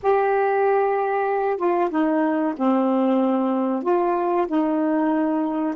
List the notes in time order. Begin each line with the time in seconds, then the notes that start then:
0.02 G4
1.57 F4
1.90 D#4
2.56 C4
3.83 F4
4.47 D#4